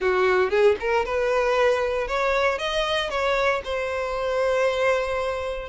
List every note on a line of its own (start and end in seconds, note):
0.00 0.50 F#4
0.50 0.76 G#4
0.79 1.05 A#4
1.05 2.07 B4
2.07 2.58 C#5
2.58 3.10 D#5
3.10 3.61 C#5
3.64 5.68 C5